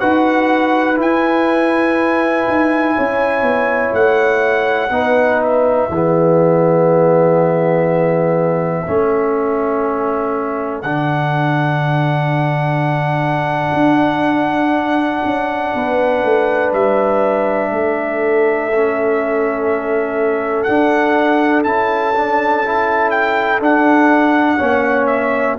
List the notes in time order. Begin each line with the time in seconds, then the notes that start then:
0.00 D#4 F#4 B4 F#5
0.96 E4 G#5
2.48 D#4
2.96 C#4 C#5
3.42 B3
3.93 A3 F#5
4.91 B3 D#4 B4
5.42 E5
5.89 E3 B3 G#4
8.86 A3 C#4 A4
10.82 D3 D4 F#5
13.74 D4
15.25 C#4
15.75 B3 B4
16.24 A3
16.73 G3 E5
17.71 A3 A4
18.74 C#4
20.64 D4 F#5
21.64 C#4 E4 A5
22.15 D4
22.65 E4
23.11 G5
23.60 D4 F#5
24.57 A#3 C#4 C#5
25.07 E5